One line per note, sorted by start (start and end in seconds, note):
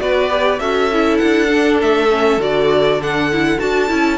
0.00 0.60 B3
0.00 0.30 F#4
0.00 0.60 B4
0.00 0.60 D5
0.30 0.60 G4
0.60 1.20 C#4
0.60 0.91 F#4
0.60 4.18 A4
0.60 1.18 E5
0.93 1.48 E4
1.18 1.82 D4
1.18 1.78 F#5
1.48 2.08 D4
1.82 2.38 A3
1.82 2.42 E5
2.11 2.40 C#4
2.38 3.58 D3
2.38 3.00 F#4
2.38 3.02 D5
3.02 3.31 D4
3.02 3.60 F#5
3.32 3.59 E4
3.59 3.91 D4
3.59 3.89 F#4
3.59 4.18 A5
3.89 4.18 C#4
3.89 4.18 E4